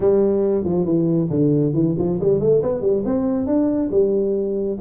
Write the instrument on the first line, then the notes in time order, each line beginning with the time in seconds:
tuba
0.00 G3
0.64 F3
0.85 E3
1.30 D3
1.73 E3
1.98 F3
2.20 G3
2.40 A3
2.62 B3
2.81 G3
3.05 C4
3.46 D4
3.91 G3